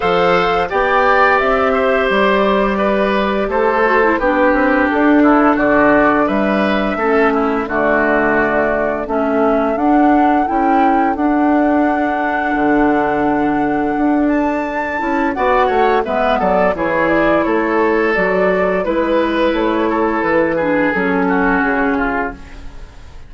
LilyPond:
<<
  \new Staff \with { instrumentName = "flute" } { \time 4/4 \tempo 4 = 86 f''4 g''4 e''4 d''4~ | d''4 c''4 b'4 a'4 | d''4 e''2 d''4~ | d''4 e''4 fis''4 g''4 |
fis''1~ | fis''8 a''4. fis''4 e''8 d''8 | cis''8 d''8 cis''4 d''4 b'4 | cis''4 b'4 a'4 gis'4 | }
  \new Staff \with { instrumentName = "oboe" } { \time 4/4 c''4 d''4. c''4. | b'4 a'4 g'4. e'8 | fis'4 b'4 a'8 e'8 fis'4~ | fis'4 a'2.~ |
a'1~ | a'2 d''8 cis''8 b'8 a'8 | gis'4 a'2 b'4~ | b'8 a'4 gis'4 fis'4 f'8 | }
  \new Staff \with { instrumentName = "clarinet" } { \time 4/4 a'4 g'2.~ | g'4. fis'16 e'16 d'2~ | d'2 cis'4 a4~ | a4 cis'4 d'4 e'4 |
d'1~ | d'4. e'8 fis'4 b4 | e'2 fis'4 e'4~ | e'4. d'8 cis'2 | }
  \new Staff \with { instrumentName = "bassoon" } { \time 4/4 f4 b4 c'4 g4~ | g4 a4 b8 c'8 d'4 | d4 g4 a4 d4~ | d4 a4 d'4 cis'4 |
d'2 d2 | d'4. cis'8 b8 a8 gis8 fis8 | e4 a4 fis4 gis4 | a4 e4 fis4 cis4 | }
>>